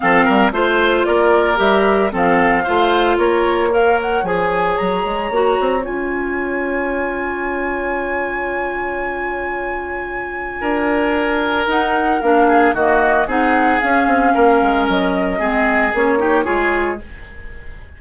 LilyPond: <<
  \new Staff \with { instrumentName = "flute" } { \time 4/4 \tempo 4 = 113 f''4 c''4 d''4 e''4 | f''2 cis''4 f''8 fis''8 | gis''4 ais''2 gis''4~ | gis''1~ |
gis''1~ | gis''2 fis''4 f''4 | dis''4 fis''4 f''2 | dis''2 cis''2 | }
  \new Staff \with { instrumentName = "oboe" } { \time 4/4 a'8 ais'8 c''4 ais'2 | a'4 c''4 ais'4 cis''4~ | cis''1~ | cis''1~ |
cis''1 | ais'2.~ ais'8 gis'8 | fis'4 gis'2 ais'4~ | ais'4 gis'4. g'8 gis'4 | }
  \new Staff \with { instrumentName = "clarinet" } { \time 4/4 c'4 f'2 g'4 | c'4 f'2 ais'4 | gis'2 fis'4 f'4~ | f'1~ |
f'1~ | f'2 dis'4 d'4 | ais4 dis'4 cis'2~ | cis'4 c'4 cis'8 dis'8 f'4 | }
  \new Staff \with { instrumentName = "bassoon" } { \time 4/4 f8 g8 a4 ais4 g4 | f4 a4 ais2 | f4 fis8 gis8 ais8 c'8 cis'4~ | cis'1~ |
cis'1 | d'2 dis'4 ais4 | dis4 c'4 cis'8 c'8 ais8 gis8 | fis4 gis4 ais4 gis4 | }
>>